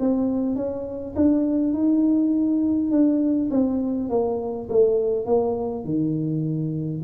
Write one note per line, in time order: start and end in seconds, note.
0.00 0.56 C4
0.56 1.15 C#4
1.16 1.74 D4
1.74 2.91 D#4
2.91 3.50 D4
3.51 4.10 C4
4.10 4.69 A#3
4.70 5.26 A3
5.26 5.85 A#3
5.85 7.02 D#3